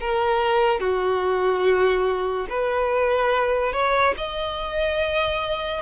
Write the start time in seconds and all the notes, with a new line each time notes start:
0.00 A#4
0.80 F#4
2.49 B4
3.73 C#5
4.17 D#5